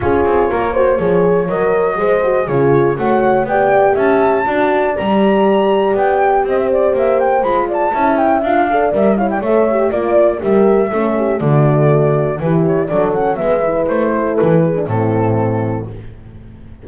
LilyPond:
<<
  \new Staff \with { instrumentName = "flute" } { \time 4/4 \tempo 4 = 121 cis''2. dis''4~ | dis''4 cis''4 fis''4 g''4 | a''2 ais''2 | g''4 dis''16 e''16 d''8 e''8 g''8 b''8 a''8~ |
a''8 g''8 f''4 e''8 f''16 g''16 e''4 | d''4 e''2 d''4~ | d''4 b'8 cis''8 d''8 fis''8 e''4 | c''4 b'4 a'2 | }
  \new Staff \with { instrumentName = "horn" } { \time 4/4 gis'4 ais'8 c''8 cis''2 | c''4 gis'4 cis''4 d''4 | e''4 d''2.~ | d''4 c''2~ c''8 d''8 |
e''4. d''4 cis''16 d''16 cis''4 | d''4 ais'4 a'8 g'8 fis'4~ | fis'4 g'4 a'4 b'4~ | b'8 a'4 gis'8 e'2 | }
  \new Staff \with { instrumentName = "horn" } { \time 4/4 f'4. fis'8 gis'4 ais'4 | gis'8 fis'8 f'4 fis'4 g'4~ | g'4 fis'4 g'2~ | g'2. f'4 |
e'4 f'8 a'8 ais'8 e'8 a'8 g'8 | f'4 g'4 cis'4 a4~ | a4 e'4 d'8 cis'8 b8 e'8~ | e'4.~ e'16 d'16 c'2 | }
  \new Staff \with { instrumentName = "double bass" } { \time 4/4 cis'8 c'8 ais4 f4 fis4 | gis4 cis4 a4 b4 | cis'4 d'4 g2 | b4 c'4 ais4 gis4 |
cis'4 d'4 g4 a4 | ais4 g4 a4 d4~ | d4 e4 fis4 gis4 | a4 e4 a,2 | }
>>